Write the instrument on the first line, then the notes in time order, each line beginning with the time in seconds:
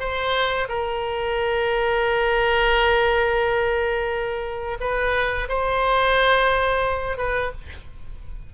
oboe
0.00 C5
0.69 A#4
4.81 B4
5.49 C5
7.18 B4